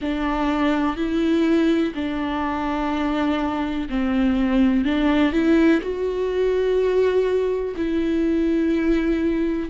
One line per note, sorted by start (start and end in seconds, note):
0.00 0.96 D4
0.96 1.93 E4
1.94 3.88 D4
3.89 4.84 C4
4.84 5.32 D4
5.32 5.80 E4
5.81 7.75 F#4
7.76 9.69 E4